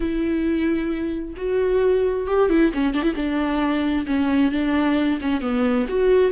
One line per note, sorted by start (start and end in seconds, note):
0.00 1.34 E4
1.37 2.27 F#4
2.27 2.49 G4
2.49 2.72 E4
2.74 2.94 C#4
2.94 3.02 D4
3.02 3.14 E4
3.15 4.05 D4
4.06 4.51 C#4
4.51 5.19 D4
5.21 5.41 C#4
5.41 5.86 B3
5.88 6.31 F#4